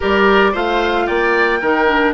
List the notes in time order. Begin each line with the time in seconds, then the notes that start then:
0.00 G3 G4 A#4 D5
0.52 A3 F4 C5 F5
1.06 A#3 D5 G5
1.60 D#3 D#4 A#4
1.87 D4